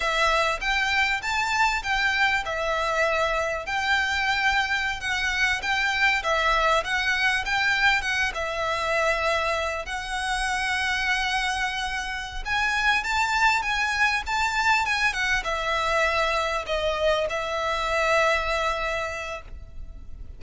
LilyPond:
\new Staff \with { instrumentName = "violin" } { \time 4/4 \tempo 4 = 99 e''4 g''4 a''4 g''4 | e''2 g''2~ | g''16 fis''4 g''4 e''4 fis''8.~ | fis''16 g''4 fis''8 e''2~ e''16~ |
e''16 fis''2.~ fis''8.~ | fis''8 gis''4 a''4 gis''4 a''8~ | a''8 gis''8 fis''8 e''2 dis''8~ | dis''8 e''2.~ e''8 | }